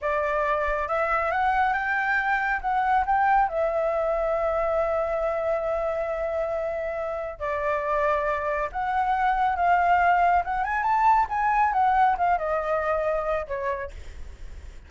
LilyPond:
\new Staff \with { instrumentName = "flute" } { \time 4/4 \tempo 4 = 138 d''2 e''4 fis''4 | g''2 fis''4 g''4 | e''1~ | e''1~ |
e''4 d''2. | fis''2 f''2 | fis''8 gis''8 a''4 gis''4 fis''4 | f''8 dis''2~ dis''8 cis''4 | }